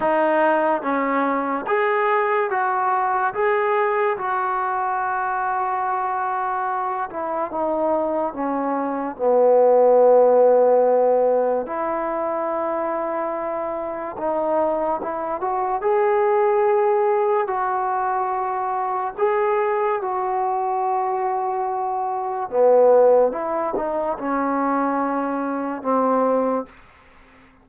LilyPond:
\new Staff \with { instrumentName = "trombone" } { \time 4/4 \tempo 4 = 72 dis'4 cis'4 gis'4 fis'4 | gis'4 fis'2.~ | fis'8 e'8 dis'4 cis'4 b4~ | b2 e'2~ |
e'4 dis'4 e'8 fis'8 gis'4~ | gis'4 fis'2 gis'4 | fis'2. b4 | e'8 dis'8 cis'2 c'4 | }